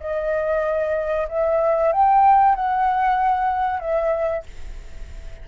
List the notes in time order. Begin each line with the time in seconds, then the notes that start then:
0.00 D#5
1.29 E5
1.93 G5
2.55 F#5
3.80 E5